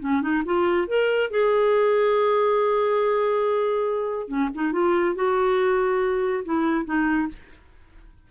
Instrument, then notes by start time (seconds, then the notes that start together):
clarinet
0.00 C#4
0.21 D#4
0.45 F4
0.87 A#4
1.30 G#4
4.28 C#4
4.55 D#4
4.72 F4
5.15 F#4
6.45 E4
6.85 D#4